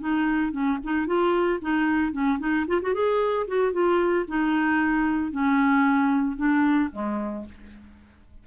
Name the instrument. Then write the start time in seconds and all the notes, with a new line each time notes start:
clarinet
0.00 D#4
0.52 C#4
0.84 D#4
1.07 F4
1.62 D#4
2.12 C#4
2.39 D#4
2.68 F4
2.82 F#4
2.94 G#4
3.48 F#4
3.73 F4
4.28 D#4
5.32 C#4
6.37 D4
6.92 G#3